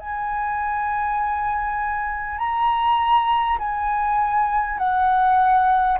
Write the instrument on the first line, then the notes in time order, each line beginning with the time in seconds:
flute
0.00 G#5
2.38 A#5
3.59 G#5
4.78 F#5